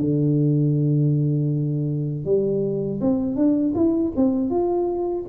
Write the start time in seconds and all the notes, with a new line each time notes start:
0.00 D3
2.25 G3
3.01 C4
3.36 D4
3.75 E4
4.16 C4
4.50 F4